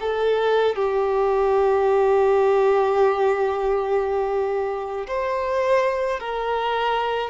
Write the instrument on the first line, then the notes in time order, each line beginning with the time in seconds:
violin
0.00 A4
0.75 G4
5.07 C5
6.19 A#4